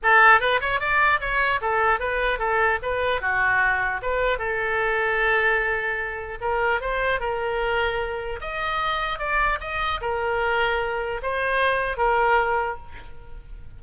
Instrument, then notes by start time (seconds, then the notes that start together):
oboe
0.02 A4
0.40 B4
0.60 C#5
0.79 D5
1.20 C#5
1.61 A4
1.99 B4
2.38 A4
2.82 B4
3.21 F#4
4.01 B4
4.38 A4
6.40 A#4
6.81 C5
7.20 A#4
8.40 D#5
9.18 D5
9.60 D#5
10.01 A#4
11.22 C5
11.97 A#4